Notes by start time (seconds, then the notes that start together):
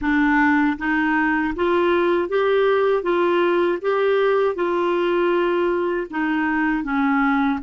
0.01 D4
0.78 D#4
1.55 F4
2.28 G4
3.02 F4
3.81 G4
4.55 F4
6.10 D#4
6.83 C#4